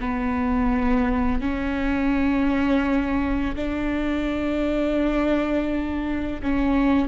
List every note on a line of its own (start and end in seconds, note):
0.00 1.41 B3
1.41 3.55 C#4
3.56 6.41 D4
6.42 7.08 C#4